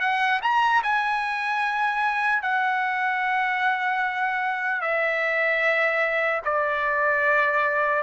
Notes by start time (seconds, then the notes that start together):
0.00 F#5
0.42 A#5
0.83 G#5
2.42 F#5
4.81 E5
6.44 D5